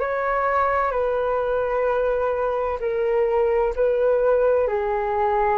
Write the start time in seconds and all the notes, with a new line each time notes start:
0.00 C#5
0.92 B4
2.80 A#4
3.76 B4
4.68 G#4